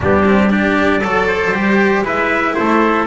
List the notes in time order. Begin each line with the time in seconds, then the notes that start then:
0.00 G3 B3 D4 G4
0.25 C4
0.49 D4 G4 D5
1.00 F#3 A4
1.27 C5
1.51 G3 G4
2.02 G#3 E4 B4 E5
2.55 A3 A4 C5